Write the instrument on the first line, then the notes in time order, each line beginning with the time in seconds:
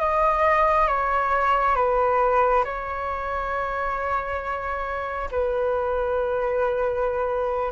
flute
0.00 D#5
0.88 C#5
1.76 B4
2.65 C#5
5.32 B4